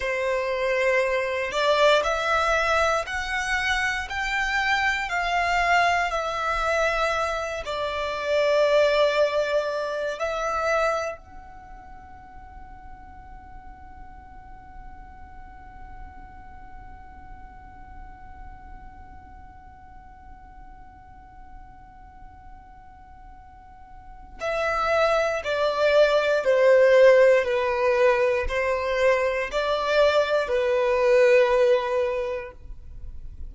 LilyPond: \new Staff \with { instrumentName = "violin" } { \time 4/4 \tempo 4 = 59 c''4. d''8 e''4 fis''4 | g''4 f''4 e''4. d''8~ | d''2 e''4 fis''4~ | fis''1~ |
fis''1~ | fis''1 | e''4 d''4 c''4 b'4 | c''4 d''4 b'2 | }